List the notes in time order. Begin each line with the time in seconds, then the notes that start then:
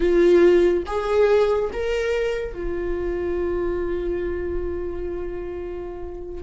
0.00 F4
0.86 G#4
1.72 A#4
2.53 F4